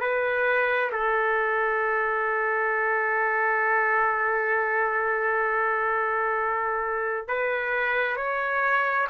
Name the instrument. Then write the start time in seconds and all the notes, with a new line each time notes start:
trumpet
0.00 B4
0.91 A4
7.27 B4
8.16 C#5